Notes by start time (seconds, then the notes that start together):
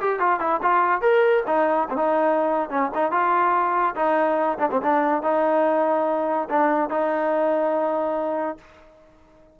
0.00 G4
0.19 F4
0.39 E4
0.62 F4
1.01 A#4
1.47 D#4
1.89 C4
1.96 D#4
2.70 C#4
2.94 D#4
3.11 F4
3.95 D#4
4.58 D4
4.71 C4
4.82 D4
5.22 D#4
6.49 D4
6.90 D#4